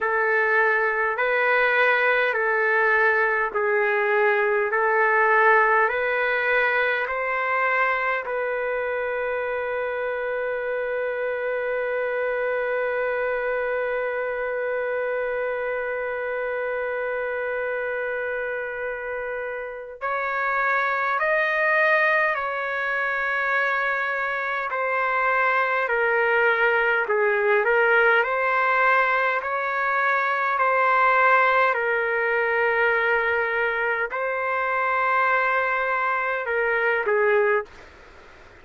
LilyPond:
\new Staff \with { instrumentName = "trumpet" } { \time 4/4 \tempo 4 = 51 a'4 b'4 a'4 gis'4 | a'4 b'4 c''4 b'4~ | b'1~ | b'1~ |
b'4 cis''4 dis''4 cis''4~ | cis''4 c''4 ais'4 gis'8 ais'8 | c''4 cis''4 c''4 ais'4~ | ais'4 c''2 ais'8 gis'8 | }